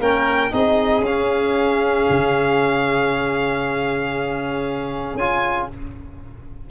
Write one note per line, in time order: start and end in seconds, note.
0.00 0.52 A#3
0.00 0.51 C#4
0.00 0.52 A#4
0.00 0.54 G5
0.51 1.01 C4
0.51 1.03 D#4
0.51 5.70 G#4
0.51 1.05 D#5
1.01 2.04 C#4
1.01 5.19 C#4
1.01 5.17 F5
2.10 5.15 C#3
5.15 5.66 C#4
5.15 5.71 F4
5.15 5.69 G#5